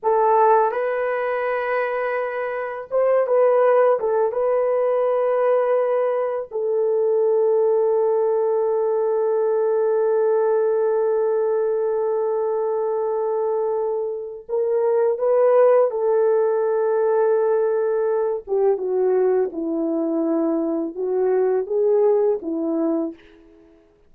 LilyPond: \new Staff \with { instrumentName = "horn" } { \time 4/4 \tempo 4 = 83 a'4 b'2. | c''8 b'4 a'8 b'2~ | b'4 a'2.~ | a'1~ |
a'1 | ais'4 b'4 a'2~ | a'4. g'8 fis'4 e'4~ | e'4 fis'4 gis'4 e'4 | }